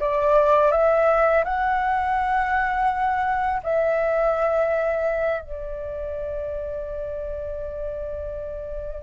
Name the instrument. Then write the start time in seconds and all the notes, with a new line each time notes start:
flute
0.00 D5
0.72 E5
1.44 F#5
3.63 E5
5.42 D5